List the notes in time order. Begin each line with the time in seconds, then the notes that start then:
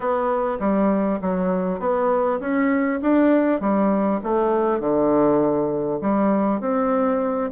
0.00 B3
0.59 G3
1.21 F#3
1.79 B3
2.40 C#4
3.02 D4
3.60 G3
4.23 A3
4.80 D3
6.01 G3
6.60 C4